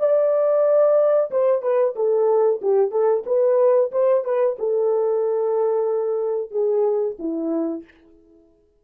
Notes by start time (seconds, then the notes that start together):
0.00 D5
1.31 C5
1.62 B4
1.96 A4
2.62 G4
2.91 A4
3.26 B4
3.92 C5
4.25 B4
4.59 A4
6.51 G#4
7.19 E4